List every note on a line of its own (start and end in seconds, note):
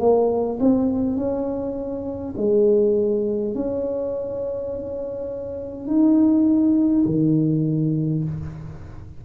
0.00 0.59 A#3
0.60 1.17 C4
1.17 2.35 C#4
2.37 3.55 G#3
3.55 5.88 C#4
5.88 7.05 D#4
7.06 8.24 D#3